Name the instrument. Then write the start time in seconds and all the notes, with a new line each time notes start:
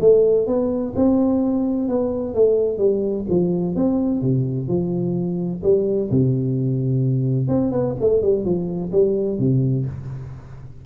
tuba
0.00 A3
0.46 B3
0.95 C4
1.88 B3
2.34 A3
2.77 G3
3.29 F3
3.75 C4
4.21 C3
4.68 F3
5.63 G3
6.10 C3
7.47 C4
7.71 B3
8.00 A3
8.22 G3
8.44 F3
8.91 G3
9.38 C3